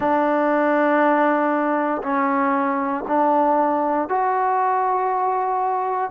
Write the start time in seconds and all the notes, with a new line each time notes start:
0.00 D4
2.02 C#4
3.07 D4
4.08 F#4